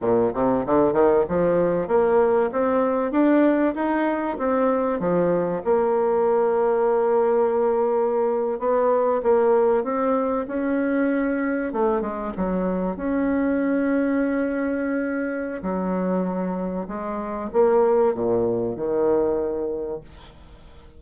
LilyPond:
\new Staff \with { instrumentName = "bassoon" } { \time 4/4 \tempo 4 = 96 ais,8 c8 d8 dis8 f4 ais4 | c'4 d'4 dis'4 c'4 | f4 ais2.~ | ais4.~ ais16 b4 ais4 c'16~ |
c'8. cis'2 a8 gis8 fis16~ | fis8. cis'2.~ cis'16~ | cis'4 fis2 gis4 | ais4 ais,4 dis2 | }